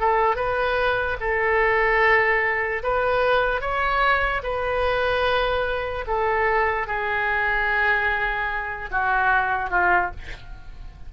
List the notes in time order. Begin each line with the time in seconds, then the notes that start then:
0.00 A4
0.36 B4
1.20 A4
2.83 B4
3.61 C#5
4.43 B4
6.07 A4
6.87 G#4
8.91 F#4
9.70 F4